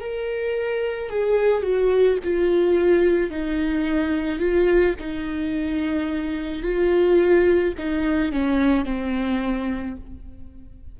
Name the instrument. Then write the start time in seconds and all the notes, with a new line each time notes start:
viola
0.00 A#4
1.10 G#4
1.63 F#4
2.23 F4
3.31 D#4
4.39 F4
4.99 D#4
6.62 F4
7.78 D#4
8.32 C#4
8.85 C4